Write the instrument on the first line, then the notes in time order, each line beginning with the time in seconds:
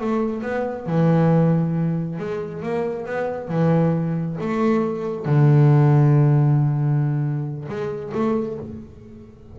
double bass
0.00 A3
0.42 B3
0.86 E3
2.18 G#3
2.62 A#3
3.05 B3
3.48 E3
4.40 A3
5.25 D3
7.68 G#3
8.14 A3